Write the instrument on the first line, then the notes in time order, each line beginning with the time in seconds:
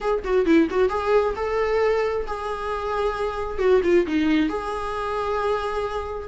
viola
0.00 G#4
0.24 F#4
0.45 E4
0.70 F#4
0.89 G#4
1.36 A4
2.27 G#4
3.58 F#4
3.83 F4
4.06 D#4
4.49 G#4